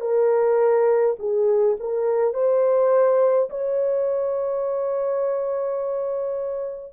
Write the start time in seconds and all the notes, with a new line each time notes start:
0.00 A#4
1.19 G#4
1.79 A#4
2.33 C5
3.49 C#5